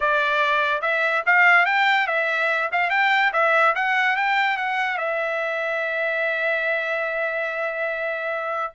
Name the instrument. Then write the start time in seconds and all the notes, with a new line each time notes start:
trumpet
0.00 D5
0.81 E5
1.25 F5
1.65 G5
2.07 E5
2.72 F5
2.90 G5
3.32 E5
3.75 F#5
4.16 G5
4.57 F#5
4.97 E5